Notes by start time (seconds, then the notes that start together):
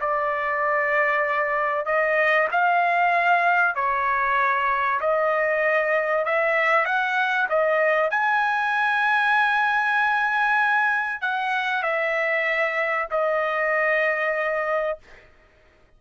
0.00 D5
1.85 D#5
2.51 F5
3.75 C#5
5.00 D#5
6.25 E5
6.85 F#5
7.49 D#5
8.10 G#5
11.21 F#5
11.82 E5
13.11 D#5